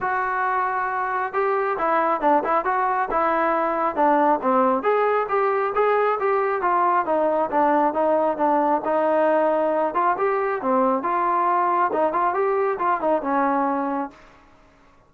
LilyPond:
\new Staff \with { instrumentName = "trombone" } { \time 4/4 \tempo 4 = 136 fis'2. g'4 | e'4 d'8 e'8 fis'4 e'4~ | e'4 d'4 c'4 gis'4 | g'4 gis'4 g'4 f'4 |
dis'4 d'4 dis'4 d'4 | dis'2~ dis'8 f'8 g'4 | c'4 f'2 dis'8 f'8 | g'4 f'8 dis'8 cis'2 | }